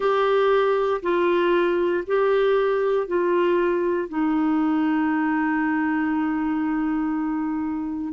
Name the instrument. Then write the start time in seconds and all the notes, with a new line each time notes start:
clarinet
0.00 G4
1.02 F4
2.06 G4
3.07 F4
4.09 D#4